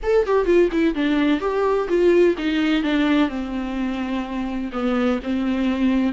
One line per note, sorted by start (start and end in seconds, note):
0.02 0.26 A4
0.26 0.45 G4
0.45 0.69 F4
0.72 0.94 E4
0.94 1.40 D4
1.40 1.87 G4
1.88 2.35 F4
2.38 2.83 D#4
2.83 3.29 D4
3.29 4.70 C4
4.72 5.19 B3
5.23 6.12 C4